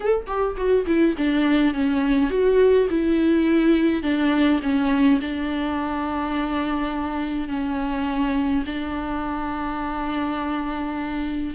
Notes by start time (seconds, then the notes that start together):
0.00 A4
0.26 G4
0.56 F#4
0.86 E4
1.17 D4
1.74 C#4
2.29 F#4
2.90 E4
4.02 D4
4.62 C#4
5.21 D4
7.48 C#4
8.66 D4